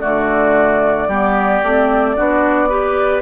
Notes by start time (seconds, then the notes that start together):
0.00 D3 A3 F#4 D5
1.08 G3 B3 G4
1.63 A3 C4
2.16 B3 D4 F#4
2.69 G4 B4